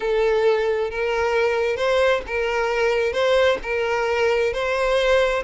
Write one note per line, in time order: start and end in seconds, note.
0.00 0.90 A4
0.90 1.76 A#4
1.76 2.21 C5
2.27 3.13 A#4
3.13 3.58 C5
3.62 4.53 A#4
4.53 5.43 C5